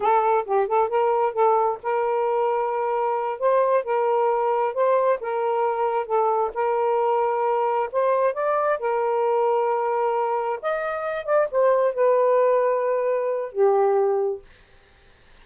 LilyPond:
\new Staff \with { instrumentName = "saxophone" } { \time 4/4 \tempo 4 = 133 a'4 g'8 a'8 ais'4 a'4 | ais'2.~ ais'8 c''8~ | c''8 ais'2 c''4 ais'8~ | ais'4. a'4 ais'4.~ |
ais'4. c''4 d''4 ais'8~ | ais'2.~ ais'8 dis''8~ | dis''4 d''8 c''4 b'4.~ | b'2 g'2 | }